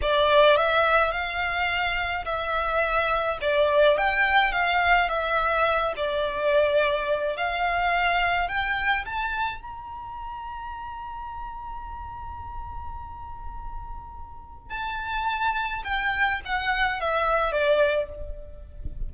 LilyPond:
\new Staff \with { instrumentName = "violin" } { \time 4/4 \tempo 4 = 106 d''4 e''4 f''2 | e''2 d''4 g''4 | f''4 e''4. d''4.~ | d''4 f''2 g''4 |
a''4 ais''2.~ | ais''1~ | ais''2 a''2 | g''4 fis''4 e''4 d''4 | }